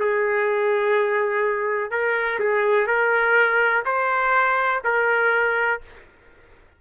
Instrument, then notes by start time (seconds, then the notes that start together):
trumpet
0.00 G#4
1.91 A#4
2.40 G#4
2.87 A#4
3.86 C5
4.85 A#4